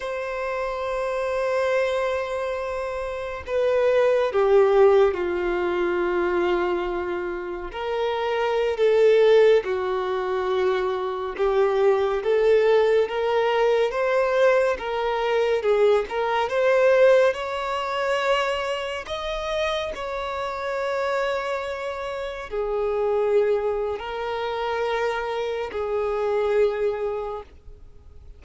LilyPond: \new Staff \with { instrumentName = "violin" } { \time 4/4 \tempo 4 = 70 c''1 | b'4 g'4 f'2~ | f'4 ais'4~ ais'16 a'4 fis'8.~ | fis'4~ fis'16 g'4 a'4 ais'8.~ |
ais'16 c''4 ais'4 gis'8 ais'8 c''8.~ | c''16 cis''2 dis''4 cis''8.~ | cis''2~ cis''16 gis'4.~ gis'16 | ais'2 gis'2 | }